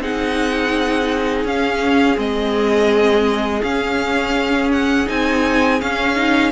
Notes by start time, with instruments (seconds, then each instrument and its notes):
0.00 cello C4, viola D#4, violin G#4 F#5
1.45 cello C#4, viola C#4, violin F5
2.16 cello G#3, viola C4, violin D#5
3.63 viola C#4, cello C#4, violin F5
4.72 violin F#5
5.06 cello C4, viola D#4, violin G#5
5.81 viola C#4, cello C#4, violin F5
6.16 viola D#4